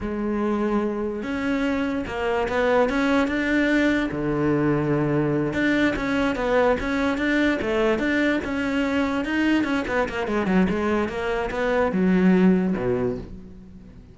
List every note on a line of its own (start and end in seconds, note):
0.01 1.22 G#3
1.22 2.05 C#4
2.06 2.48 A#3
2.48 2.89 B3
2.89 3.27 C#4
3.27 4.09 D4
4.11 5.53 D3
5.53 5.94 D4
5.96 6.35 C#4
6.35 6.76 B3
6.79 7.17 C#4
7.17 7.58 D4
7.61 7.98 A3
7.98 8.39 D4
8.44 9.25 C#4
9.25 9.64 D#4
9.64 9.84 C#4
9.87 10.08 B3
10.09 10.27 A#3
10.27 10.46 G#3
10.46 10.66 F#3
10.69 11.09 G#3
11.09 11.50 A#3
11.50 11.92 B3
11.92 12.74 F#3
12.77 13.18 B2